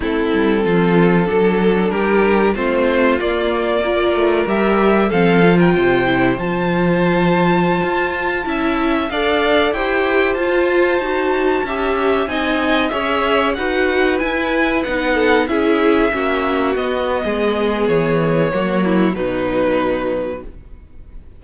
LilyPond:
<<
  \new Staff \with { instrumentName = "violin" } { \time 4/4 \tempo 4 = 94 a'2. ais'4 | c''4 d''2 e''4 | f''8. g''4~ g''16 a''2~ | a''2~ a''16 f''4 g''8.~ |
g''16 a''2. gis''8.~ | gis''16 e''4 fis''4 gis''4 fis''8.~ | fis''16 e''2 dis''4.~ dis''16 | cis''2 b'2 | }
  \new Staff \with { instrumentName = "violin" } { \time 4/4 e'4 f'4 a'4 g'4 | f'2 ais'2 | a'8. ais'16 c''2.~ | c''4~ c''16 e''4 d''4 c''8.~ |
c''2~ c''16 e''4 dis''8.~ | dis''16 cis''4 b'2~ b'8 a'16~ | a'16 gis'4 fis'4.~ fis'16 gis'4~ | gis'4 fis'8 e'8 dis'2 | }
  \new Staff \with { instrumentName = "viola" } { \time 4/4 c'2 d'2 | c'4 ais4 f'4 g'4 | c'8 f'4 e'8 f'2~ | f'4~ f'16 e'4 a'4 g'8.~ |
g'16 f'4 fis'4 g'4 dis'8.~ | dis'16 gis'4 fis'4 e'4 dis'8.~ | dis'16 e'4 cis'4 b4.~ b16~ | b4 ais4 fis2 | }
  \new Staff \with { instrumentName = "cello" } { \time 4/4 a8 g8 f4 fis4 g4 | a4 ais4. a8 g4 | f4 c4 f2~ | f16 f'4 cis'4 d'4 e'8.~ |
e'16 f'4 dis'4 cis'4 c'8.~ | c'16 cis'4 dis'4 e'4 b8.~ | b16 cis'4 ais4 b8. gis4 | e4 fis4 b,2 | }
>>